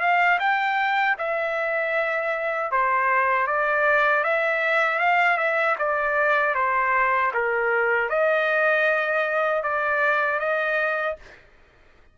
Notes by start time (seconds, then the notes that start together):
0.00 F5
0.40 G5
1.18 E5
2.71 C5
3.47 D5
4.24 E5
4.99 F5
5.37 E5
5.78 D5
6.55 C5
7.34 A#4
8.09 D#5
9.63 D5
10.39 D#5